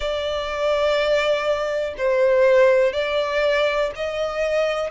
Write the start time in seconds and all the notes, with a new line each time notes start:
0.00 D5
1.97 C5
2.92 D5
3.95 D#5